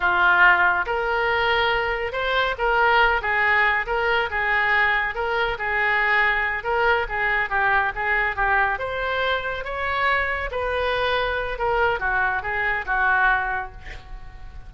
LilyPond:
\new Staff \with { instrumentName = "oboe" } { \time 4/4 \tempo 4 = 140 f'2 ais'2~ | ais'4 c''4 ais'4. gis'8~ | gis'4 ais'4 gis'2 | ais'4 gis'2~ gis'8 ais'8~ |
ais'8 gis'4 g'4 gis'4 g'8~ | g'8 c''2 cis''4.~ | cis''8 b'2~ b'8 ais'4 | fis'4 gis'4 fis'2 | }